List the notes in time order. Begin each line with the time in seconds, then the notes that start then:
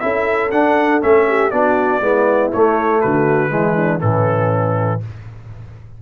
0.00 C#4 E4 A4 E5
0.51 D4 F#5
1.01 A3 C#4 E5
1.27 G4
1.51 B3 D4 F#4 D5
2.01 G#3 B3 E4
2.52 A3 C#5
3.01 D3 F#4 B4
3.50 E3 G#3 E4
3.76 D4
4.00 A2 E3 C#4 A4